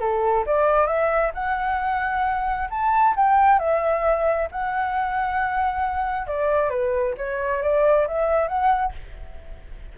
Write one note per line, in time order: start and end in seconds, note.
0.00 0.45 A4
0.46 0.87 D5
0.87 1.32 E5
1.34 2.69 F#5
2.70 3.15 A5
3.16 3.59 G5
3.59 4.49 E5
4.52 6.27 F#5
6.27 6.70 D5
6.70 7.15 B4
7.17 7.62 C#5
7.62 8.07 D5
8.07 8.48 E5
8.48 8.93 F#5